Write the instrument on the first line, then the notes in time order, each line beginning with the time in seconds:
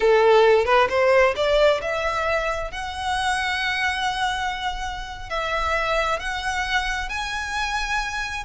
violin
0.00 A4
0.65 B4
0.89 C5
1.35 D5
1.81 E5
2.71 F#5
5.29 E5
6.19 F#5
7.09 G#5